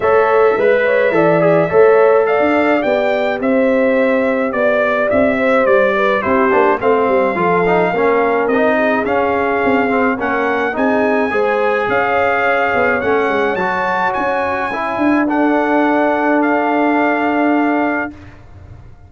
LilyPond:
<<
  \new Staff \with { instrumentName = "trumpet" } { \time 4/4 \tempo 4 = 106 e''1 | f''4 g''4 e''2 | d''4 e''4 d''4 c''4 | f''2. dis''4 |
f''2 fis''4 gis''4~ | gis''4 f''2 fis''4 | a''4 gis''2 fis''4~ | fis''4 f''2. | }
  \new Staff \with { instrumentName = "horn" } { \time 4/4 cis''4 b'8 cis''8 d''4 cis''4 | d''2 c''2 | d''4. c''4 b'8 g'4 | c''4 a'4 ais'4. gis'8~ |
gis'2 ais'4 gis'4 | c''4 cis''2.~ | cis''2. a'4~ | a'1 | }
  \new Staff \with { instrumentName = "trombone" } { \time 4/4 a'4 b'4 a'8 gis'8 a'4~ | a'4 g'2.~ | g'2. e'8 d'8 | c'4 f'8 dis'8 cis'4 dis'4 |
cis'4. c'8 cis'4 dis'4 | gis'2. cis'4 | fis'2 e'4 d'4~ | d'1 | }
  \new Staff \with { instrumentName = "tuba" } { \time 4/4 a4 gis4 e4 a4~ | a16 d'8. b4 c'2 | b4 c'4 g4 c'8 ais8 | a8 g8 f4 ais4 c'4 |
cis'4 c'4 ais4 c'4 | gis4 cis'4. b8 a8 gis8 | fis4 cis'4. d'4.~ | d'1 | }
>>